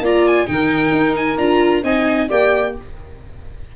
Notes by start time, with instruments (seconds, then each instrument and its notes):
0.00 tuba A#3, viola F4, saxophone D5, violin A#5
0.27 violin G#5
0.46 tuba D#3, viola D#4, saxophone A#4, violin G5
0.92 tuba D#4
1.16 violin G#5
1.37 tuba D4, viola F4, violin A#5
1.83 tuba C4, viola D#4, saxophone D#5, violin G#5
2.28 tuba A#3, viola G4, saxophone D5, violin G5